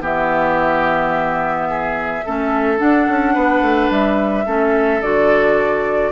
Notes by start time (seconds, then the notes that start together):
0.00 E3 B3 G4 E5
1.69 G#4
2.25 A3 C#4 A4
2.77 D4 F#5
3.08 C#4
3.34 B3 B4
3.61 A3
3.90 G3 E5
4.46 A3 C#4 A4
5.01 D3 F#4 D5